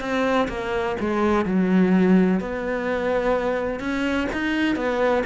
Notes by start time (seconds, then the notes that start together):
0.00 C4
0.48 A#3
1.00 G#3
1.45 F#3
2.40 B3
3.79 C#4
4.32 D#4
4.75 B3